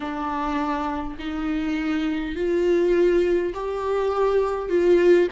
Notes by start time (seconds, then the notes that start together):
0.00 D4
1.18 D#4
2.35 F4
3.53 G4
4.69 F4